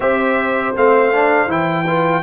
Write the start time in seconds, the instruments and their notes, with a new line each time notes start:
0.00 tuba C4, trombone G4, horn C5, trumpet E5
0.75 tuba A3, trombone C4, trumpet F5
1.12 trombone D4
1.46 tuba E3, trombone E4, trumpet G5
1.86 trombone F4, horn B4